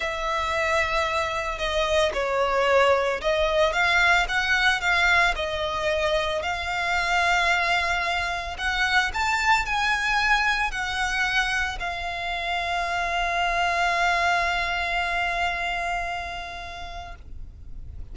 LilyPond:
\new Staff \with { instrumentName = "violin" } { \time 4/4 \tempo 4 = 112 e''2. dis''4 | cis''2 dis''4 f''4 | fis''4 f''4 dis''2 | f''1 |
fis''4 a''4 gis''2 | fis''2 f''2~ | f''1~ | f''1 | }